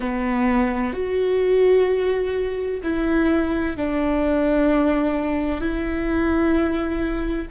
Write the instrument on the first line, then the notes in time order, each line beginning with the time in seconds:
viola
0.00 B3
0.93 F#4
2.83 E4
3.77 D4
5.60 E4